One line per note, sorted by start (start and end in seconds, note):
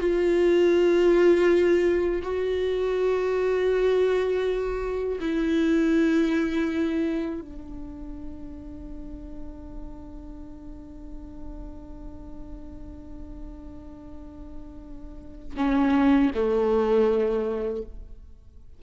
0.00 2.22 F4
2.23 5.19 F#4
5.21 7.41 E4
7.41 15.56 D4
15.57 16.31 C#4
16.34 17.82 A3